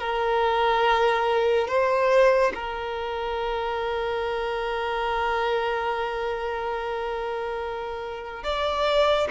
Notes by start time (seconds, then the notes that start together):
0.00 A#4
1.68 C5
2.55 A#4
8.44 D5